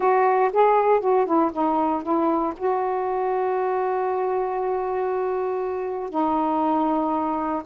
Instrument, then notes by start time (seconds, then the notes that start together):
saxophone
0.00 F#4
0.52 G#4
1.00 F#4
1.26 E4
1.52 D#4
2.02 E4
2.56 F#4
6.09 D#4